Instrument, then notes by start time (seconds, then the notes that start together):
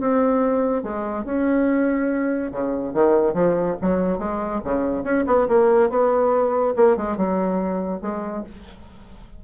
bassoon
0.00 C4
0.83 G#3
1.24 C#4
2.51 C#3
2.94 D#3
3.34 F3
3.81 F#3
4.19 G#3
4.64 C#3
5.04 C#4
5.27 B3
5.48 A#3
5.90 B3
6.76 A#3
6.96 G#3
7.17 F#3
8.01 G#3